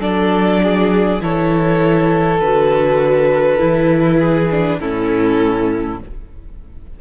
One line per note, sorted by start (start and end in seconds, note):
0.00 1.20 F#3
0.00 1.21 D4
0.00 0.61 A4
0.00 1.22 D5
0.63 1.23 G#4
1.21 2.41 E3
1.21 2.41 E4
1.21 4.20 A4
1.21 2.40 C#5
2.40 3.61 D3
2.40 3.59 F#4
2.40 4.80 B4
3.59 4.81 E3
3.59 4.49 E4
4.20 4.79 G#4
4.51 4.81 D4
4.80 6.01 A2
4.80 6.01 C#4
4.80 6.00 E4
4.80 6.00 A4